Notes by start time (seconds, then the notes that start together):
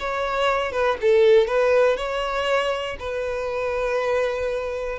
0.00 C#5
0.72 B4
1.01 A4
1.47 B4
1.97 C#5
3.00 B4